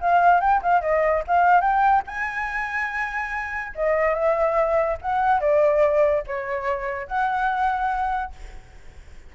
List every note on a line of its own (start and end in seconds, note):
0.00 0.40 F5
0.40 0.61 G5
0.62 0.81 F5
0.81 1.23 D#5
1.27 1.60 F5
1.60 2.02 G5
2.06 3.73 G#5
3.75 4.14 D#5
4.14 4.97 E5
5.01 5.40 F#5
5.40 6.23 D5
6.27 7.07 C#5
7.07 8.32 F#5